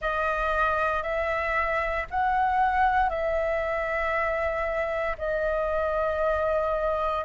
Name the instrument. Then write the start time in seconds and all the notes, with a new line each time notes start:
flute
0.01 D#5
1.03 E5
2.10 F#5
3.09 E5
5.17 D#5